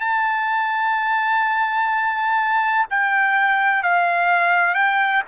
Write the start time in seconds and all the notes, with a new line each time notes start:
0.00 A5
2.90 G5
3.83 F5
4.74 G5